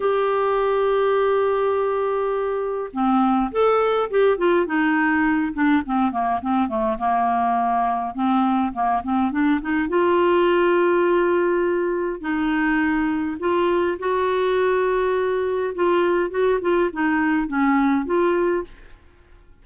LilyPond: \new Staff \with { instrumentName = "clarinet" } { \time 4/4 \tempo 4 = 103 g'1~ | g'4 c'4 a'4 g'8 f'8 | dis'4. d'8 c'8 ais8 c'8 a8 | ais2 c'4 ais8 c'8 |
d'8 dis'8 f'2.~ | f'4 dis'2 f'4 | fis'2. f'4 | fis'8 f'8 dis'4 cis'4 f'4 | }